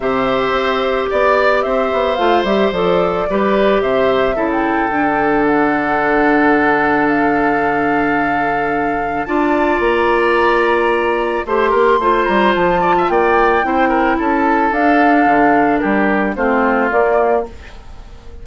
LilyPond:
<<
  \new Staff \with { instrumentName = "flute" } { \time 4/4 \tempo 4 = 110 e''2 d''4 e''4 | f''8 e''8 d''2 e''4~ | e''16 g''4.~ g''16 fis''2~ | fis''4 f''2.~ |
f''4 a''4 ais''2~ | ais''4 c'''4. ais''8 a''4 | g''2 a''4 f''4~ | f''4 ais'4 c''4 d''4 | }
  \new Staff \with { instrumentName = "oboe" } { \time 4/4 c''2 d''4 c''4~ | c''2 b'4 c''4 | a'1~ | a'1~ |
a'4 d''2.~ | d''4 c''8 ais'8 c''4. d''16 e''16 | d''4 c''8 ais'8 a'2~ | a'4 g'4 f'2 | }
  \new Staff \with { instrumentName = "clarinet" } { \time 4/4 g'1 | f'8 g'8 a'4 g'2 | e'4 d'2.~ | d'1~ |
d'4 f'2.~ | f'4 g'4 f'2~ | f'4 e'2 d'4~ | d'2 c'4 ais4 | }
  \new Staff \with { instrumentName = "bassoon" } { \time 4/4 c4 c'4 b4 c'8 b8 | a8 g8 f4 g4 c4 | cis4 d2.~ | d1~ |
d4 d'4 ais2~ | ais4 a8 ais8 a8 g8 f4 | ais4 c'4 cis'4 d'4 | d4 g4 a4 ais4 | }
>>